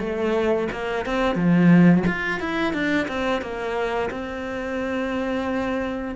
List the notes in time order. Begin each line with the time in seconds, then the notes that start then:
0.00 A3
0.72 A#3
1.06 C4
1.36 F3
2.07 F4
2.40 E4
2.74 D4
3.08 C4
3.42 A#3
4.11 C4